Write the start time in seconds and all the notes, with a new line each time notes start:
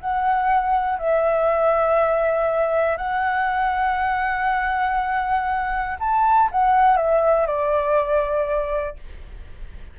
0.00 F#5
0.98 E5
2.97 F#5
5.99 A5
6.51 F#5
6.96 E5
7.46 D5